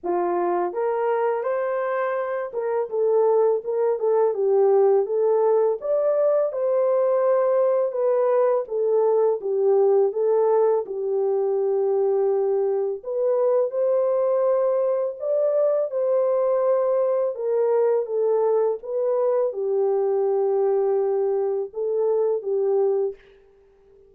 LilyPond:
\new Staff \with { instrumentName = "horn" } { \time 4/4 \tempo 4 = 83 f'4 ais'4 c''4. ais'8 | a'4 ais'8 a'8 g'4 a'4 | d''4 c''2 b'4 | a'4 g'4 a'4 g'4~ |
g'2 b'4 c''4~ | c''4 d''4 c''2 | ais'4 a'4 b'4 g'4~ | g'2 a'4 g'4 | }